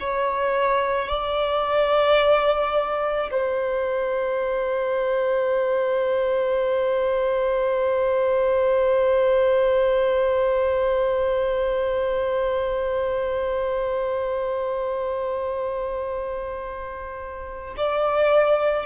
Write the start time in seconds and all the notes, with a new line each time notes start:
0.00 C#5
1.09 D5
3.31 C5
17.77 D5